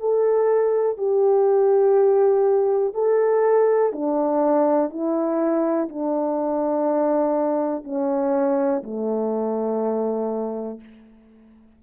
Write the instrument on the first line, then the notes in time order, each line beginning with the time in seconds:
horn
0.00 A4
0.98 G4
2.94 A4
3.93 D4
4.90 E4
5.89 D4
7.84 C#4
8.83 A3